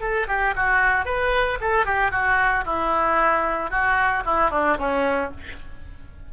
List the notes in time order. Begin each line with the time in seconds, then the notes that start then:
0.00 A4
0.28 G4
0.55 F#4
1.05 B4
1.60 A4
1.85 G4
2.11 F#4
2.65 E4
3.70 F#4
4.25 E4
4.50 D4
4.78 C#4